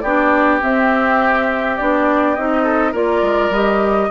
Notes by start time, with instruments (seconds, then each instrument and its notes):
0.00 bassoon B3, clarinet D4, oboe G4, flute D5
0.61 clarinet C4, bassoon C4, flute E5
1.77 bassoon B3, clarinet D4, flute D5
2.35 bassoon C4, clarinet D#4, flute D#5
2.63 oboe A4
2.92 bassoon A#3, clarinet F4, oboe A#4, flute D5
3.22 bassoon G#3
3.50 bassoon G3, clarinet G4, flute D#5